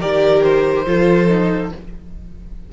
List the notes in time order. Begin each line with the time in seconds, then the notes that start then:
0.00 D#3 G4 A#4 D5
0.43 C5
0.86 F3 F4 A4
1.28 D#4